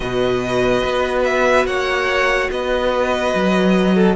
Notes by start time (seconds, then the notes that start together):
0.00 B2 F#4 B4 D#5
0.83 B3
1.24 E5
1.65 A#3 C#5 F#5
2.50 B3 B4 D#5
3.35 F#3
3.94 A4